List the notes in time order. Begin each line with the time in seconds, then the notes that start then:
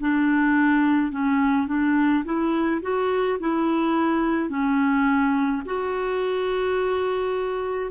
0.00 D4
1.12 C#4
1.67 D4
2.24 E4
2.82 F#4
3.40 E4
4.49 C#4
5.65 F#4